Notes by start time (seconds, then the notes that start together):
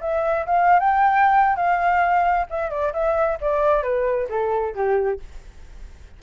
0.00 E5
0.46 F5
0.79 G5
1.56 F5
2.50 E5
2.70 D5
2.93 E5
3.40 D5
3.83 B4
4.29 A4
4.74 G4